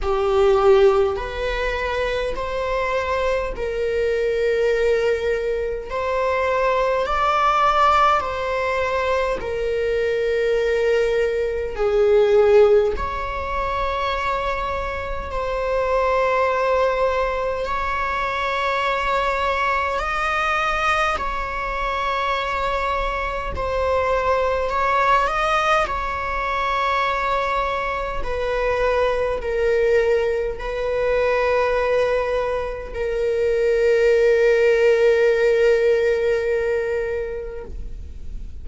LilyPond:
\new Staff \with { instrumentName = "viola" } { \time 4/4 \tempo 4 = 51 g'4 b'4 c''4 ais'4~ | ais'4 c''4 d''4 c''4 | ais'2 gis'4 cis''4~ | cis''4 c''2 cis''4~ |
cis''4 dis''4 cis''2 | c''4 cis''8 dis''8 cis''2 | b'4 ais'4 b'2 | ais'1 | }